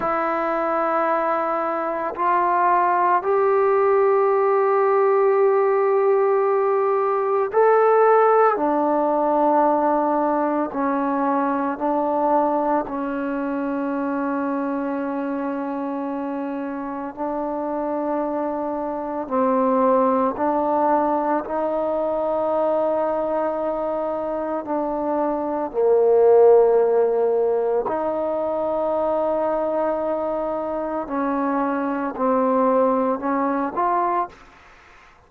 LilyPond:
\new Staff \with { instrumentName = "trombone" } { \time 4/4 \tempo 4 = 56 e'2 f'4 g'4~ | g'2. a'4 | d'2 cis'4 d'4 | cis'1 |
d'2 c'4 d'4 | dis'2. d'4 | ais2 dis'2~ | dis'4 cis'4 c'4 cis'8 f'8 | }